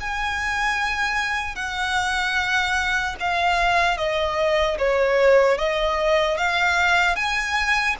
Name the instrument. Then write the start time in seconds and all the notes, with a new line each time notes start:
violin
0.00 G#5
1.55 F#5
3.20 F5
3.97 D#5
4.78 C#5
5.58 D#5
6.37 F5
7.16 G#5